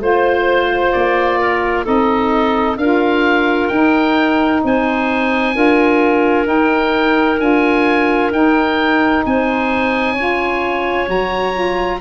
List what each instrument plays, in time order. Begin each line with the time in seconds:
0.00 tuba A3, saxophone F4, oboe C5, clarinet C5
0.92 tuba A#3, oboe D5
1.40 clarinet A#4
1.84 tuba C4, saxophone D#4, clarinet A4, oboe D#5
2.77 tuba D4, saxophone F4, clarinet A#4, oboe F5
3.68 tuba D#4, saxophone D#4, oboe G5
4.64 tuba C4, clarinet C5, oboe G#5
5.54 tuba D4, saxophone F4, clarinet A#4
6.45 saxophone D#4, tuba D#4, oboe G5
7.39 tuba D4, saxophone F4, oboe G#5
8.31 tuba D#4, saxophone D#4, oboe G5
9.26 tuba C4, clarinet C5, oboe G#5
10.14 tuba C#4, saxophone F4, clarinet C#5
11.07 tuba F#3, saxophone F#4, oboe A#5
11.53 saxophone F4